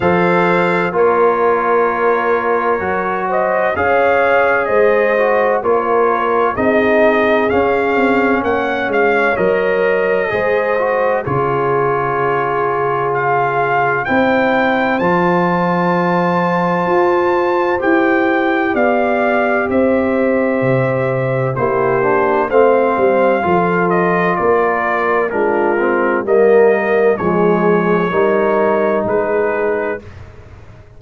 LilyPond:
<<
  \new Staff \with { instrumentName = "trumpet" } { \time 4/4 \tempo 4 = 64 f''4 cis''2~ cis''8 dis''8 | f''4 dis''4 cis''4 dis''4 | f''4 fis''8 f''8 dis''2 | cis''2 f''4 g''4 |
a''2. g''4 | f''4 e''2 c''4 | f''4. dis''8 d''4 ais'4 | dis''4 cis''2 b'4 | }
  \new Staff \with { instrumentName = "horn" } { \time 4/4 c''4 ais'2~ ais'8 c''8 | cis''4 c''4 ais'4 gis'4~ | gis'4 cis''2 c''4 | gis'2. c''4~ |
c''1 | d''4 c''2 g'4 | c''4 a'4 ais'4 f'4 | ais'4 gis'4 ais'4 gis'4 | }
  \new Staff \with { instrumentName = "trombone" } { \time 4/4 a'4 f'2 fis'4 | gis'4. fis'8 f'4 dis'4 | cis'2 ais'4 gis'8 fis'8 | f'2. e'4 |
f'2. g'4~ | g'2. e'8 d'8 | c'4 f'2 d'8 c'8 | ais4 gis4 dis'2 | }
  \new Staff \with { instrumentName = "tuba" } { \time 4/4 f4 ais2 fis4 | cis'4 gis4 ais4 c'4 | cis'8 c'8 ais8 gis8 fis4 gis4 | cis2. c'4 |
f2 f'4 e'4 | b4 c'4 c4 ais4 | a8 g8 f4 ais4 gis4 | g4 f4 g4 gis4 | }
>>